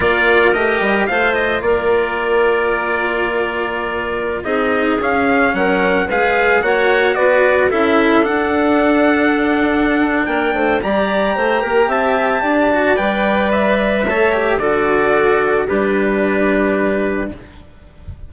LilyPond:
<<
  \new Staff \with { instrumentName = "trumpet" } { \time 4/4 \tempo 4 = 111 d''4 dis''4 f''8 dis''8 d''4~ | d''1~ | d''16 dis''4 f''4 fis''4 f''8.~ | f''16 fis''4 d''4 e''4 fis''8.~ |
fis''2. g''4 | ais''2 a''2 | g''4 e''2 d''4~ | d''4 b'2. | }
  \new Staff \with { instrumentName = "clarinet" } { \time 4/4 ais'2 c''4 ais'4~ | ais'1~ | ais'16 gis'2 ais'4 b'8.~ | b'16 cis''4 b'4 a'4.~ a'16~ |
a'2. ais'8 c''8 | d''4 c''8 ais'8 e''4 d''4~ | d''2 cis''4 a'4~ | a'4 g'2. | }
  \new Staff \with { instrumentName = "cello" } { \time 4/4 f'4 g'4 f'2~ | f'1~ | f'16 dis'4 cis'2 gis'8.~ | gis'16 fis'2 e'4 d'8.~ |
d'1 | g'2.~ g'8 fis'8 | b'2 a'8 g'8 fis'4~ | fis'4 d'2. | }
  \new Staff \with { instrumentName = "bassoon" } { \time 4/4 ais4 a8 g8 a4 ais4~ | ais1~ | ais16 c'4 cis'4 fis4 gis8.~ | gis16 ais4 b4 cis'4 d'8.~ |
d'2. ais8 a8 | g4 a8 ais8 c'4 d'4 | g2 a4 d4~ | d4 g2. | }
>>